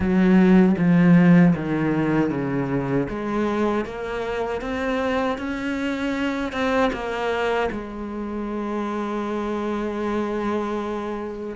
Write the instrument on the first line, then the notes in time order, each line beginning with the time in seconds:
cello
0.00 F#3
0.78 F3
1.55 D#3
2.30 C#3
3.09 G#3
3.85 A#3
4.61 C4
5.38 C#4
6.52 C4
6.92 A#3
7.71 G#3